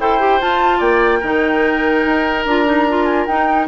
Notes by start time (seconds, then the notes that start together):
0.00 E4 A4 C5 G5
0.20 G4
0.40 F4 A5
0.78 A#3 D5 G5
1.20 D#3 D#4 A#4
2.06 D#4
2.46 D4 F4 A#5
2.66 D#4
2.89 F4
3.05 G#5
3.26 D#4 G5